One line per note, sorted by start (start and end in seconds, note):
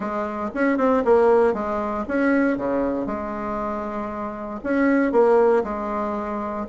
0.00 0.50 G#3
0.54 0.77 C#4
0.77 1.03 C4
1.04 1.53 A#3
1.53 2.04 G#3
2.07 2.57 C#4
2.57 3.06 C#3
3.06 4.60 G#3
4.63 5.11 C#4
5.11 5.63 A#3
5.63 6.66 G#3